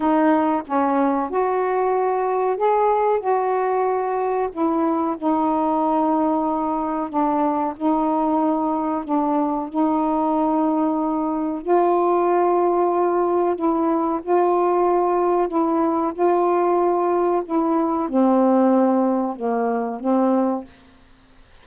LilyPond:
\new Staff \with { instrumentName = "saxophone" } { \time 4/4 \tempo 4 = 93 dis'4 cis'4 fis'2 | gis'4 fis'2 e'4 | dis'2. d'4 | dis'2 d'4 dis'4~ |
dis'2 f'2~ | f'4 e'4 f'2 | e'4 f'2 e'4 | c'2 ais4 c'4 | }